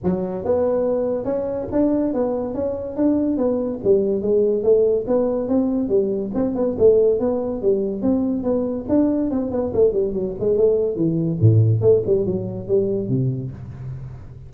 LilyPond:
\new Staff \with { instrumentName = "tuba" } { \time 4/4 \tempo 4 = 142 fis4 b2 cis'4 | d'4 b4 cis'4 d'4 | b4 g4 gis4 a4 | b4 c'4 g4 c'8 b8 |
a4 b4 g4 c'4 | b4 d'4 c'8 b8 a8 g8 | fis8 gis8 a4 e4 a,4 | a8 g8 fis4 g4 c4 | }